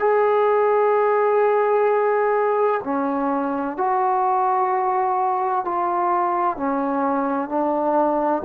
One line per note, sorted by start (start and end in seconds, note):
0.00 2.81 G#4
2.84 3.78 C#4
3.78 5.65 F#4
5.65 6.57 F4
6.57 7.49 C#4
7.49 8.43 D4